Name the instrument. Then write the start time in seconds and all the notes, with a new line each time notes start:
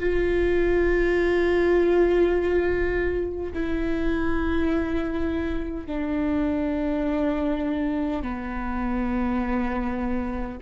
viola
0.00 F4
3.53 E4
5.87 D4
8.23 B3